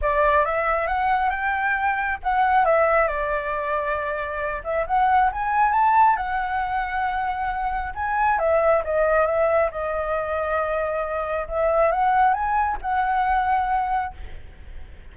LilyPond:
\new Staff \with { instrumentName = "flute" } { \time 4/4 \tempo 4 = 136 d''4 e''4 fis''4 g''4~ | g''4 fis''4 e''4 d''4~ | d''2~ d''8 e''8 fis''4 | gis''4 a''4 fis''2~ |
fis''2 gis''4 e''4 | dis''4 e''4 dis''2~ | dis''2 e''4 fis''4 | gis''4 fis''2. | }